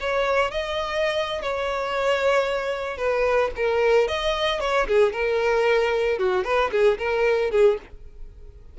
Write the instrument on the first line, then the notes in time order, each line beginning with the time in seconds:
violin
0.00 C#5
0.50 D#5
1.41 C#5
2.97 B4
3.56 A#4
4.07 D#5
4.60 C#5
4.87 G#4
5.12 A#4
6.18 F#4
6.44 B4
6.71 G#4
6.98 A#4
7.51 G#4